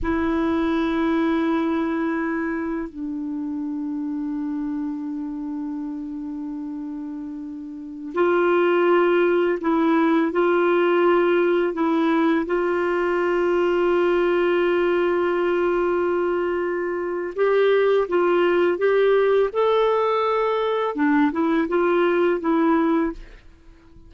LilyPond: \new Staff \with { instrumentName = "clarinet" } { \time 4/4 \tempo 4 = 83 e'1 | d'1~ | d'2.~ d'16 f'8.~ | f'4~ f'16 e'4 f'4.~ f'16~ |
f'16 e'4 f'2~ f'8.~ | f'1 | g'4 f'4 g'4 a'4~ | a'4 d'8 e'8 f'4 e'4 | }